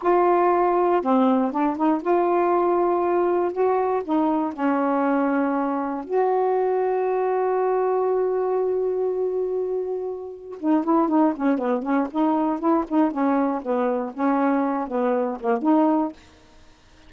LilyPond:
\new Staff \with { instrumentName = "saxophone" } { \time 4/4 \tempo 4 = 119 f'2 c'4 d'8 dis'8 | f'2. fis'4 | dis'4 cis'2. | fis'1~ |
fis'1~ | fis'4 dis'8 e'8 dis'8 cis'8 b8 cis'8 | dis'4 e'8 dis'8 cis'4 b4 | cis'4. b4 ais8 dis'4 | }